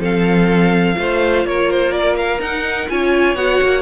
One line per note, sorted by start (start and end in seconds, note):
0.00 0.96 F3
0.00 0.95 C4
0.00 0.96 A4
0.00 1.47 F5
0.95 1.45 A3
0.95 2.39 F4
0.95 1.48 C5
1.45 2.40 A#3
1.45 2.91 A#4
1.45 1.71 C#5
1.71 1.92 C5
1.92 2.16 D5
2.17 2.41 F5
2.40 2.88 D#4
2.40 2.90 F#5
2.90 3.35 C#4
2.90 3.37 F4
2.90 3.83 C#5
2.90 3.36 G#5
3.35 3.59 B3
3.35 3.83 F#4
3.35 3.83 F#5
3.63 3.83 A#3